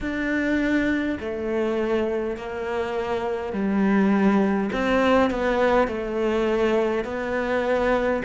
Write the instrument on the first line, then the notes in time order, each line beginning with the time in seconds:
cello
0.01 D4
1.20 A3
2.36 A#3
3.52 G3
4.72 C4
5.30 B3
5.87 A3
7.04 B3